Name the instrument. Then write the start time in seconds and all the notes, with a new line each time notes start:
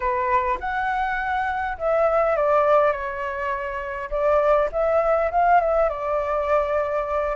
flute
0.00 B4
0.60 F#5
1.78 E5
2.36 D5
2.91 C#5
4.10 D5
4.72 E5
5.31 F5
5.60 E5
5.89 D5